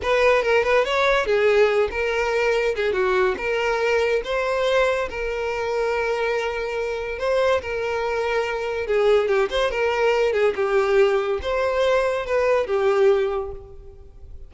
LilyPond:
\new Staff \with { instrumentName = "violin" } { \time 4/4 \tempo 4 = 142 b'4 ais'8 b'8 cis''4 gis'4~ | gis'8 ais'2 gis'8 fis'4 | ais'2 c''2 | ais'1~ |
ais'4 c''4 ais'2~ | ais'4 gis'4 g'8 c''8 ais'4~ | ais'8 gis'8 g'2 c''4~ | c''4 b'4 g'2 | }